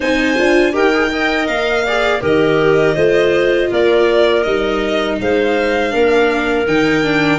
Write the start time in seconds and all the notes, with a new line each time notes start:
0.00 C4 D#4 C5 G#5
0.36 D4 F4
0.72 D#4 G4 A#4 G5
0.94 G#4
1.09 A#4 D#5
1.46 A#3 F5
1.85 G#4 D5
2.20 D#3 G4 A#4 D#5
2.95 A3 F4 C5
3.69 A#3 A#4 D5
4.42 G3 D#4 D#5
5.20 G#3 C5 F5
5.90 A#3 D4 A#4
6.66 D#3 D#4 G5
7.03 D4